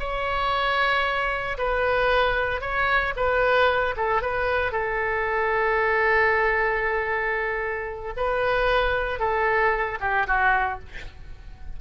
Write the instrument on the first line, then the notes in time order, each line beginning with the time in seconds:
oboe
0.00 C#5
1.58 B4
2.62 C#5
3.17 B4
3.97 A4
4.22 B4
4.72 A4
8.17 B4
9.20 A4
10.01 G4
10.28 F#4